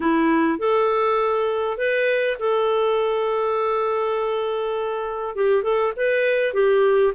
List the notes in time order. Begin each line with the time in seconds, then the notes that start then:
0.00 E4
0.58 A4
1.77 B4
2.39 A4
5.35 G4
5.63 A4
5.96 B4
6.53 G4